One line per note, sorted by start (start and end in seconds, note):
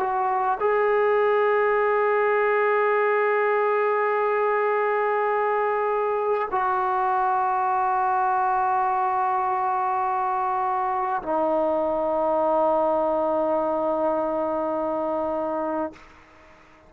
0.00 0.59 F#4
0.60 6.49 G#4
6.52 11.22 F#4
11.22 15.93 D#4